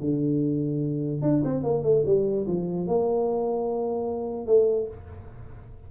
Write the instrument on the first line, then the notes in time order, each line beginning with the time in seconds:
tuba
0.00 D3
1.22 D4
1.44 C4
1.63 A#3
1.83 A3
2.06 G3
2.47 F3
2.87 A#3
4.46 A3